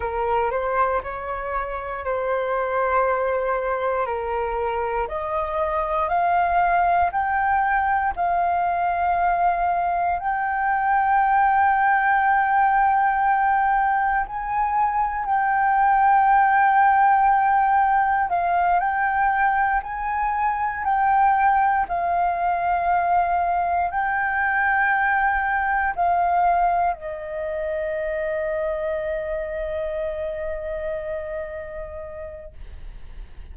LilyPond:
\new Staff \with { instrumentName = "flute" } { \time 4/4 \tempo 4 = 59 ais'8 c''8 cis''4 c''2 | ais'4 dis''4 f''4 g''4 | f''2 g''2~ | g''2 gis''4 g''4~ |
g''2 f''8 g''4 gis''8~ | gis''8 g''4 f''2 g''8~ | g''4. f''4 dis''4.~ | dis''1 | }